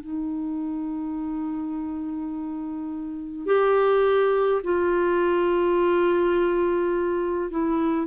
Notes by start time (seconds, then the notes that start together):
0.00 D#4
3.46 G4
4.63 F4
7.51 E4